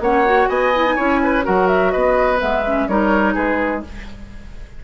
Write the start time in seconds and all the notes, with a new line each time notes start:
0.00 A#3 C#4 C#5 F#5
0.25 F#4
0.48 B3 D#5 G#5
0.75 E4
0.86 D#4
0.96 C#4 E4 C#5
1.24 B4
1.43 F#3 F#4 A#4 F#5
1.67 E5
1.91 B3 B4 D#5
2.38 G#3 B3 E5
2.66 C#4
2.88 G3 D#4 A#4 C#5
3.34 G#3 G#4 B4